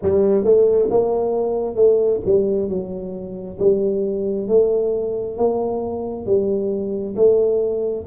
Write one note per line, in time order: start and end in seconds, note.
0.02 0.44 G3
0.44 0.89 A3
0.90 1.75 A#3
1.75 2.20 A3
2.25 2.69 G3
2.69 3.58 F#3
3.59 4.48 G3
4.48 5.37 A3
5.37 6.26 A#3
6.26 7.15 G3
7.16 8.05 A3